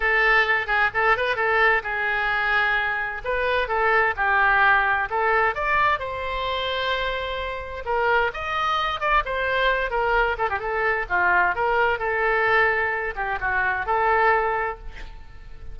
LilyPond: \new Staff \with { instrumentName = "oboe" } { \time 4/4 \tempo 4 = 130 a'4. gis'8 a'8 b'8 a'4 | gis'2. b'4 | a'4 g'2 a'4 | d''4 c''2.~ |
c''4 ais'4 dis''4. d''8 | c''4. ais'4 a'16 g'16 a'4 | f'4 ais'4 a'2~ | a'8 g'8 fis'4 a'2 | }